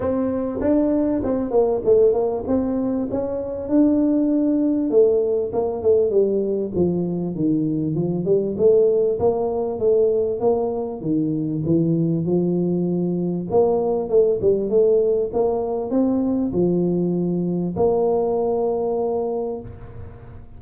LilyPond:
\new Staff \with { instrumentName = "tuba" } { \time 4/4 \tempo 4 = 98 c'4 d'4 c'8 ais8 a8 ais8 | c'4 cis'4 d'2 | a4 ais8 a8 g4 f4 | dis4 f8 g8 a4 ais4 |
a4 ais4 dis4 e4 | f2 ais4 a8 g8 | a4 ais4 c'4 f4~ | f4 ais2. | }